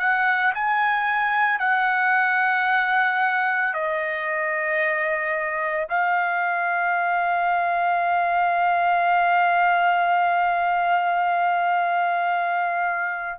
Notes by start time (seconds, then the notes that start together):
0.00 F#5
0.54 G#5
1.59 F#5
3.74 D#5
5.89 F5